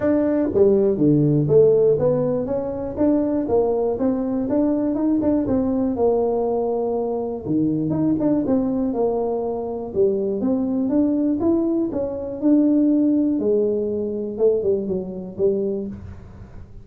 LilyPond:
\new Staff \with { instrumentName = "tuba" } { \time 4/4 \tempo 4 = 121 d'4 g4 d4 a4 | b4 cis'4 d'4 ais4 | c'4 d'4 dis'8 d'8 c'4 | ais2. dis4 |
dis'8 d'8 c'4 ais2 | g4 c'4 d'4 e'4 | cis'4 d'2 gis4~ | gis4 a8 g8 fis4 g4 | }